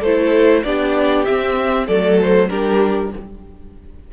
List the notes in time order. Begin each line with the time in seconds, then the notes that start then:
0.00 A3 A4 C5
0.06 E4
0.63 B3 D4 G4 D5
1.25 C4 E5
1.87 F#3 A3 A4 D5
2.21 C5
2.49 G3 D4 G4 A#4